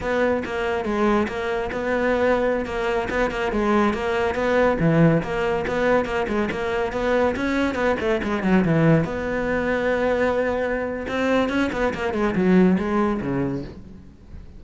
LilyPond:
\new Staff \with { instrumentName = "cello" } { \time 4/4 \tempo 4 = 141 b4 ais4 gis4 ais4 | b2~ b16 ais4 b8 ais16~ | ais16 gis4 ais4 b4 e8.~ | e16 ais4 b4 ais8 gis8 ais8.~ |
ais16 b4 cis'4 b8 a8 gis8 fis16~ | fis16 e4 b2~ b8.~ | b2 c'4 cis'8 b8 | ais8 gis8 fis4 gis4 cis4 | }